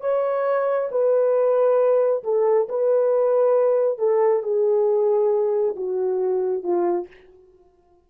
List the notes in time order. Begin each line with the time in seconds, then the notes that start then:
0.00 C#5
0.91 B4
2.23 A4
2.68 B4
3.98 A4
4.42 G#4
5.76 F#4
6.63 F4